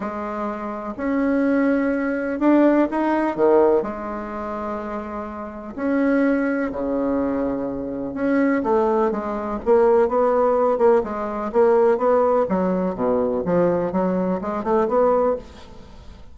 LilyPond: \new Staff \with { instrumentName = "bassoon" } { \time 4/4 \tempo 4 = 125 gis2 cis'2~ | cis'4 d'4 dis'4 dis4 | gis1 | cis'2 cis2~ |
cis4 cis'4 a4 gis4 | ais4 b4. ais8 gis4 | ais4 b4 fis4 b,4 | f4 fis4 gis8 a8 b4 | }